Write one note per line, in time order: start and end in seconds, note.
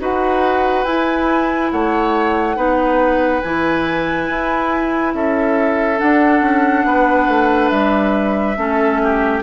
0.00 0.85 D#4
0.00 0.86 F#4
0.00 1.72 B4
0.00 0.85 F#5
0.85 1.71 E4
0.85 2.56 E4
0.85 1.71 G#5
1.72 2.57 A3
1.72 2.57 C#5
1.72 3.42 F#5
2.56 3.42 B3
2.56 3.42 D#4
2.56 5.14 B4
3.42 4.29 E3
3.42 5.98 E4
3.42 5.13 G#5
4.29 5.14 E4
5.14 6.00 C#4
5.14 6.87 A4
5.14 6.00 E5
5.98 8.55 D4
5.98 6.42 D4
5.98 7.70 F#5
6.42 6.84 C#4
6.85 7.28 B3
6.85 8.59 B4
7.29 7.71 A3
7.70 8.57 G3
7.70 9.41 E5
8.57 9.43 A3
8.57 9.43 C#4
8.57 9.02 A4
9.03 9.43 G4